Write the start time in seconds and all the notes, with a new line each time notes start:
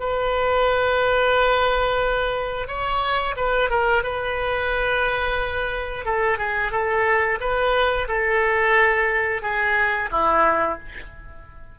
0.00 B4
2.68 C#5
3.36 B4
3.70 A#4
4.04 B4
6.06 A4
6.38 G#4
6.72 A4
7.41 B4
8.08 A4
9.43 G#4
10.12 E4